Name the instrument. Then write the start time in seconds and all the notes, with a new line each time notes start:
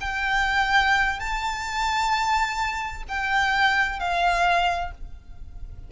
violin
0.00 G5
1.19 A5
3.08 G5
3.99 F5